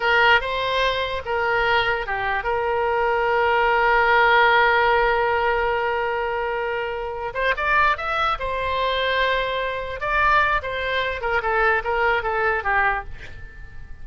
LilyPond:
\new Staff \with { instrumentName = "oboe" } { \time 4/4 \tempo 4 = 147 ais'4 c''2 ais'4~ | ais'4 g'4 ais'2~ | ais'1~ | ais'1~ |
ais'2 c''8 d''4 e''8~ | e''8 c''2.~ c''8~ | c''8 d''4. c''4. ais'8 | a'4 ais'4 a'4 g'4 | }